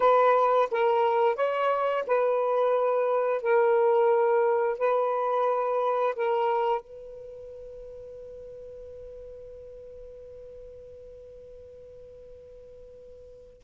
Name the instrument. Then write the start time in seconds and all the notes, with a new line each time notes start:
saxophone
0.00 B4
0.71 A#4
1.35 C#5
2.06 B4
3.42 A#4
4.78 B4
6.15 A#4
6.81 B4